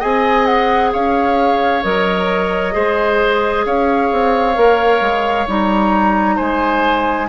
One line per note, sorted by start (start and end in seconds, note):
0.00 0.94 C4
0.00 1.83 G#4
0.00 0.91 D#5
0.00 0.46 G#5
0.46 0.92 F#5
0.93 1.85 C#4
0.93 2.75 C#5
0.93 1.84 F5
1.84 2.75 F#3
1.84 2.73 A#4
1.84 3.66 D#5
2.73 3.66 G#3
2.73 4.54 G#4
2.73 3.66 C5
3.66 4.11 C#4
3.66 6.36 C#5
3.66 5.48 F5
4.12 4.57 C4
4.56 5.01 A#3
4.56 5.47 A#4
5.01 5.46 G#3
5.48 6.39 G3
5.48 7.30 D#4
5.48 6.39 A#5
6.36 7.30 G#3
6.36 7.27 C5
6.36 7.30 G#5